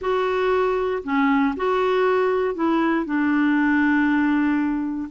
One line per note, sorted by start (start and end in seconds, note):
0.01 1.02 F#4
1.03 1.54 C#4
1.56 2.54 F#4
2.54 3.05 E4
3.05 5.08 D4